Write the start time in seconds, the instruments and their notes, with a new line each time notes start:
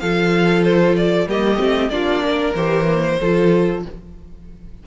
0.00 cello F3, viola F4, violin A4 F5
0.64 violin C5
0.97 violin D5
1.27 cello G3, viola A#3, violin G4 D#5
1.58 cello A3, viola C4
1.90 cello A#3, viola D4, violin F4 D5
2.24 violin A#4
2.55 cello E3, viola G4, violin C5
2.87 viola A#3
3.20 cello F3, viola F4, violin A4